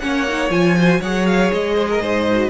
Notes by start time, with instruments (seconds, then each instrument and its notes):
0.00 cello A#3, viola C#4, violin C#5 F#5
0.28 viola D#4
0.50 cello F3, viola F4, violin G#5
0.76 viola F#4, violin C5
1.00 cello F#3, viola G#4, violin C#5 F#5
1.26 violin F5
1.53 cello G#3, violin D#5
1.75 violin C5
1.89 violin A#4
2.00 cello G#2, violin C5
2.31 viola F#4